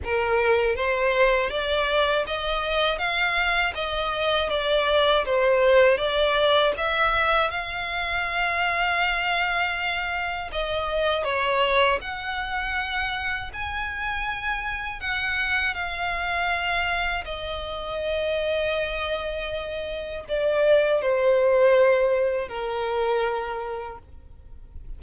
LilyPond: \new Staff \with { instrumentName = "violin" } { \time 4/4 \tempo 4 = 80 ais'4 c''4 d''4 dis''4 | f''4 dis''4 d''4 c''4 | d''4 e''4 f''2~ | f''2 dis''4 cis''4 |
fis''2 gis''2 | fis''4 f''2 dis''4~ | dis''2. d''4 | c''2 ais'2 | }